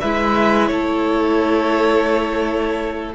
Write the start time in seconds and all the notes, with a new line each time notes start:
0.00 G#3 E4 B4 E5
0.67 A3 A4 C#5